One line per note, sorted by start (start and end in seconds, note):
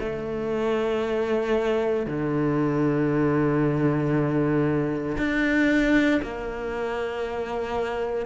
0.00 2.06 A3
2.06 5.17 D3
5.17 6.21 D4
6.22 8.26 A#3